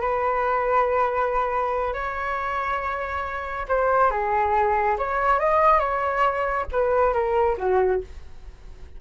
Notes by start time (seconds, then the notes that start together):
0.00 B4
1.93 C#5
3.68 C5
4.10 G#4
4.98 C#5
5.39 D#5
5.79 C#5
6.72 B4
7.13 A#4
7.58 F#4